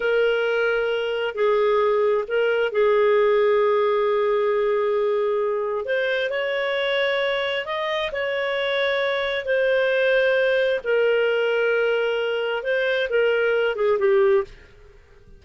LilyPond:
\new Staff \with { instrumentName = "clarinet" } { \time 4/4 \tempo 4 = 133 ais'2. gis'4~ | gis'4 ais'4 gis'2~ | gis'1~ | gis'4 c''4 cis''2~ |
cis''4 dis''4 cis''2~ | cis''4 c''2. | ais'1 | c''4 ais'4. gis'8 g'4 | }